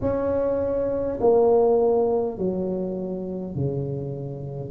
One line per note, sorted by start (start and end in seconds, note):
0.01 1.18 C#4
1.20 2.37 A#3
2.37 3.55 F#3
3.55 4.71 C#3